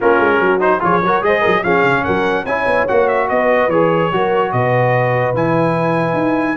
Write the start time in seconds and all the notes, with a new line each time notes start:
0.00 A#3 C#4 F4 A#4
0.19 G#3
0.39 F#3 F#4
0.59 D#4 C5
0.80 F3 F4 G#4 C#5
1.02 F#3 F#4 A#4
1.22 G#3 G#4 C5 D#5
1.40 F#3 A#4
1.63 F3 C#4 G#4 F5
1.83 C#3
2.04 F#3 A#4 F#5
2.45 C#4 E4 C#5 G#5
2.66 B3
2.87 A#3 F#4 F#5
3.07 E5
3.28 B3 B4 D#5
3.68 E3 G#4 C#5
4.11 F#3 F#4 A#4
4.52 B2 B4 D#5
5.34 E3 E4 G#5
6.13 D#4